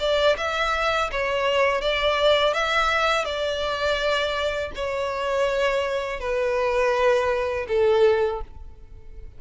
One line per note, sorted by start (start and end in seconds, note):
0.00 0.37 D5
0.37 1.10 E5
1.12 1.81 C#5
1.81 2.54 D5
2.54 3.25 E5
3.25 4.72 D5
4.76 6.21 C#5
6.21 7.67 B4
7.68 8.41 A4